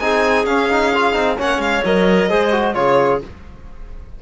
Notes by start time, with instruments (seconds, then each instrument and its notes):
0.00 cello C4, trombone D#4, clarinet G#4, violin G#5
0.46 cello C#4, trombone C#4, violin F5
0.70 trombone D#4
0.95 trombone F4
1.13 cello C4, trombone D#4
1.38 cello A#3, trombone C#4, clarinet C#5, violin F#5
1.58 cello G#3, violin F5
1.85 cello F#3, trombone A#4, violin D#5
2.30 cello G#3, trombone G#4, clarinet C5
2.52 trombone F#4
2.75 cello C#3, trombone F4, clarinet G#4, violin C#5